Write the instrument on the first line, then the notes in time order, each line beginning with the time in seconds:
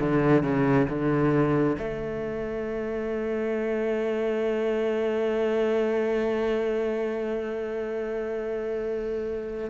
cello
0.00 D3
0.43 C#3
0.89 D3
1.78 A3